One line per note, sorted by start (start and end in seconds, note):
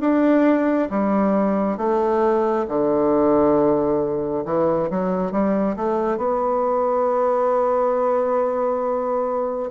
0.00 0.88 D4
0.90 1.77 G3
1.77 2.65 A3
2.68 4.44 D3
4.45 4.89 E3
4.90 5.31 F#3
5.31 5.76 G3
5.76 6.17 A3
6.17 9.70 B3